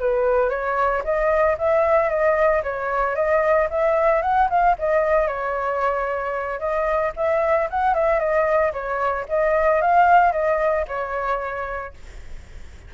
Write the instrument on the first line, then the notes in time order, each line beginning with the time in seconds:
flute
0.00 B4
0.50 C#5
1.05 D#5
1.59 E5
2.10 D#5
2.64 C#5
3.16 D#5
3.71 E5
4.22 F#5
4.50 F5
4.79 D#5
5.28 C#5
6.60 D#5
7.17 E5
7.71 F#5
7.95 E5
8.20 D#5
8.73 C#5
9.29 D#5
9.82 F5
10.33 D#5
10.88 C#5